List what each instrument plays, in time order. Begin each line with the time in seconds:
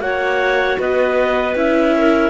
0.00 cello A#3, viola F#4, clarinet C#5 F#5
0.80 cello B3, clarinet B4 D#5
1.56 cello C#4, viola E4, clarinet E5
1.98 clarinet A#4